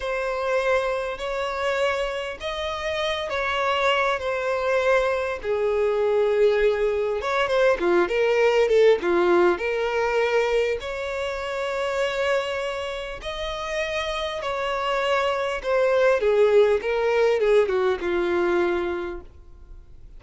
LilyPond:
\new Staff \with { instrumentName = "violin" } { \time 4/4 \tempo 4 = 100 c''2 cis''2 | dis''4. cis''4. c''4~ | c''4 gis'2. | cis''8 c''8 f'8 ais'4 a'8 f'4 |
ais'2 cis''2~ | cis''2 dis''2 | cis''2 c''4 gis'4 | ais'4 gis'8 fis'8 f'2 | }